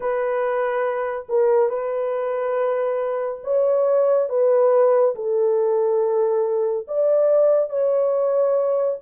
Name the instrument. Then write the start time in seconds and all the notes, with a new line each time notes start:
horn
0.00 B4
1.29 A#4
1.69 B4
3.43 C#5
4.29 B4
5.15 A4
6.87 D5
7.69 C#5